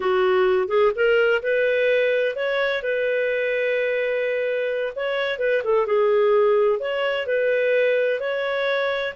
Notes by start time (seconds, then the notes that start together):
0.00 F#4
0.68 G#4
0.95 A#4
1.42 B4
2.35 C#5
2.82 B4
4.95 C#5
5.39 B4
5.64 A4
5.86 G#4
6.79 C#5
7.26 B4
8.20 C#5